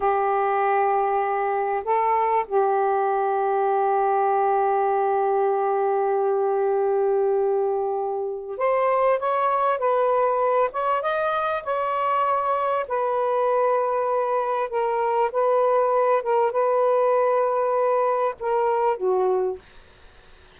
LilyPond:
\new Staff \with { instrumentName = "saxophone" } { \time 4/4 \tempo 4 = 98 g'2. a'4 | g'1~ | g'1~ | g'2 c''4 cis''4 |
b'4. cis''8 dis''4 cis''4~ | cis''4 b'2. | ais'4 b'4. ais'8 b'4~ | b'2 ais'4 fis'4 | }